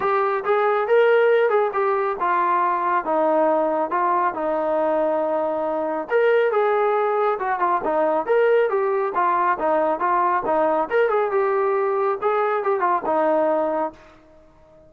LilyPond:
\new Staff \with { instrumentName = "trombone" } { \time 4/4 \tempo 4 = 138 g'4 gis'4 ais'4. gis'8 | g'4 f'2 dis'4~ | dis'4 f'4 dis'2~ | dis'2 ais'4 gis'4~ |
gis'4 fis'8 f'8 dis'4 ais'4 | g'4 f'4 dis'4 f'4 | dis'4 ais'8 gis'8 g'2 | gis'4 g'8 f'8 dis'2 | }